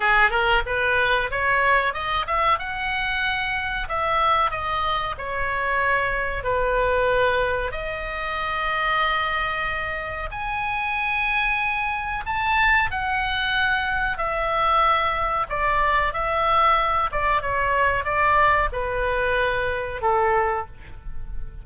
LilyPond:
\new Staff \with { instrumentName = "oboe" } { \time 4/4 \tempo 4 = 93 gis'8 ais'8 b'4 cis''4 dis''8 e''8 | fis''2 e''4 dis''4 | cis''2 b'2 | dis''1 |
gis''2. a''4 | fis''2 e''2 | d''4 e''4. d''8 cis''4 | d''4 b'2 a'4 | }